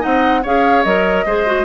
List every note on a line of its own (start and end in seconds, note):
0.00 0.45 C4
0.00 0.41 D#4
0.00 0.41 D#5
0.00 0.44 F#5
0.43 0.85 C#4
0.43 0.85 G#4
0.43 1.25 C#5
0.43 0.84 F5
0.84 1.25 F#3
0.84 1.26 A#4
0.84 1.65 D#5
1.25 1.65 G#3
1.25 1.46 G#4
1.25 1.65 C5
1.46 1.65 F#4